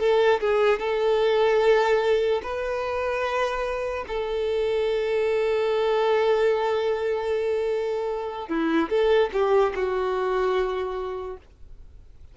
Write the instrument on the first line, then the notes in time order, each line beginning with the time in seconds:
violin
0.00 A4
0.41 G#4
0.80 A4
2.43 B4
4.08 A4
8.49 E4
8.90 A4
9.33 G4
9.76 F#4